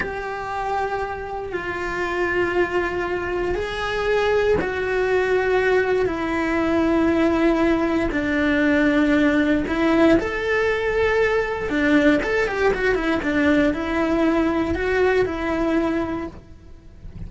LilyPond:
\new Staff \with { instrumentName = "cello" } { \time 4/4 \tempo 4 = 118 g'2. f'4~ | f'2. gis'4~ | gis'4 fis'2. | e'1 |
d'2. e'4 | a'2. d'4 | a'8 g'8 fis'8 e'8 d'4 e'4~ | e'4 fis'4 e'2 | }